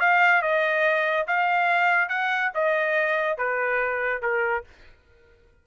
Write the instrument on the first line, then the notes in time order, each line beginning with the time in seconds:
trumpet
0.00 F5
0.42 D#5
1.27 F5
2.09 F#5
2.55 D#5
3.38 B4
4.22 A#4